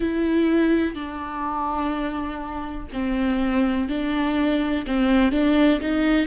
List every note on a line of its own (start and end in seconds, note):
0.00 0.95 E4
0.95 2.88 D4
2.93 3.88 C4
3.88 4.85 D4
4.86 5.31 C4
5.31 5.80 D4
5.81 6.26 D#4